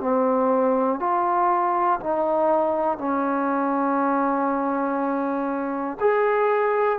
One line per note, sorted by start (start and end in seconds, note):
0.00 1.00 C4
1.00 2.00 F4
2.00 2.98 D#4
2.98 5.98 C#4
6.00 6.99 G#4